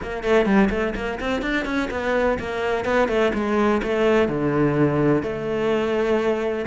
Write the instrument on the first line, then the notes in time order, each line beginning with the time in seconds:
cello
0.02 A#3
0.23 A3
0.45 G3
0.70 A3
0.95 A#3
1.19 C4
1.42 D4
1.65 C#4
1.90 B3
2.39 A#3
2.84 B3
3.08 A3
3.34 G#3
3.82 A3
4.28 D3
5.23 A3